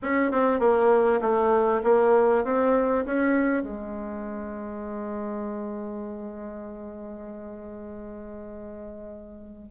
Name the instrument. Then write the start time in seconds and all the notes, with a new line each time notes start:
bassoon
0.02 C#4
0.31 C4
0.59 A#3
1.21 A3
1.83 A#3
2.44 C4
3.05 C#4
3.62 G#3